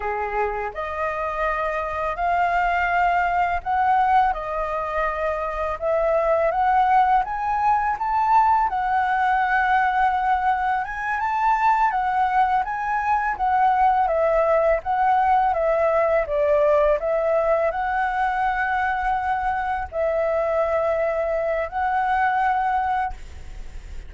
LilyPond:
\new Staff \with { instrumentName = "flute" } { \time 4/4 \tempo 4 = 83 gis'4 dis''2 f''4~ | f''4 fis''4 dis''2 | e''4 fis''4 gis''4 a''4 | fis''2. gis''8 a''8~ |
a''8 fis''4 gis''4 fis''4 e''8~ | e''8 fis''4 e''4 d''4 e''8~ | e''8 fis''2. e''8~ | e''2 fis''2 | }